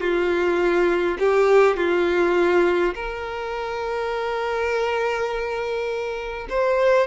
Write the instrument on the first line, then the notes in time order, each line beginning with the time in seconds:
violin
0.00 F4
1.18 G4
1.76 F4
2.94 A#4
6.49 C5